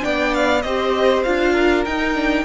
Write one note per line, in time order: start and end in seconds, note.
0.00 0.64 B3
0.00 0.61 D4
0.00 0.64 D5
0.00 0.34 G5
0.34 0.61 F5
0.61 1.25 C4
0.61 1.25 G4
0.61 1.52 C5
0.61 1.22 D#5
1.22 1.85 D4
1.22 1.86 F4
1.22 1.84 F5
1.52 2.44 A#4
1.84 2.44 D#4
1.84 2.14 D#4
1.84 2.44 G5
2.14 2.44 D4